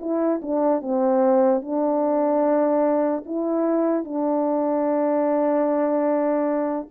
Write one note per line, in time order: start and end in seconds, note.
0.00 0.41 E4
0.42 0.81 D4
0.81 1.61 C4
1.61 3.24 D4
3.25 4.04 E4
4.04 6.88 D4